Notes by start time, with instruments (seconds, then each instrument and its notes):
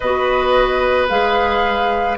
0.00 bassoon B3, clarinet F#4, oboe B4, flute D#5
1.08 bassoon G#3, clarinet G#4, flute F5